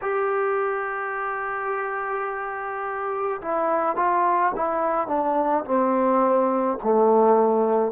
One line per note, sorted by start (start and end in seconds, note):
0.01 3.41 G4
3.41 3.96 E4
3.96 4.52 F4
4.55 5.07 E4
5.07 5.64 D4
5.64 6.78 C4
6.83 7.91 A3